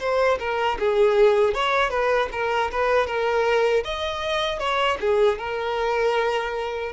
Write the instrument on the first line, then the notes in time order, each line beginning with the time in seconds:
violin
0.00 C5
0.40 A#4
0.79 G#4
1.54 C#5
1.91 B4
2.33 A#4
2.72 B4
3.07 A#4
3.85 D#5
4.60 C#5
5.01 G#4
5.39 A#4